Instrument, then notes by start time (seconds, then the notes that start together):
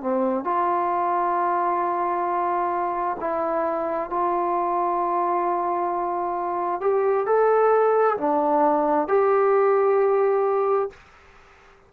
trombone
0.00 C4
0.44 F4
3.20 E4
4.10 F4
6.80 G4
7.26 A4
8.17 D4
9.07 G4